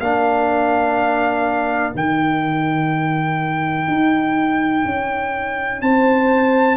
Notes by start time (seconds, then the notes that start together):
0.00 A#3 D4 A#4 F5
1.93 D#3 D#4 G5
3.88 D#4
4.85 C#4
5.81 C4 C5 A5